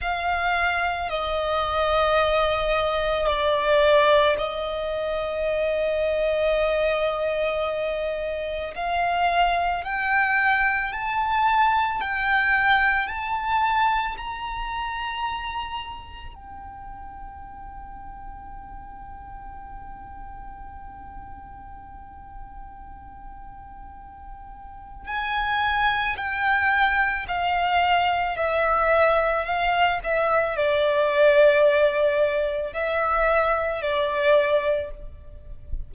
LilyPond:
\new Staff \with { instrumentName = "violin" } { \time 4/4 \tempo 4 = 55 f''4 dis''2 d''4 | dis''1 | f''4 g''4 a''4 g''4 | a''4 ais''2 g''4~ |
g''1~ | g''2. gis''4 | g''4 f''4 e''4 f''8 e''8 | d''2 e''4 d''4 | }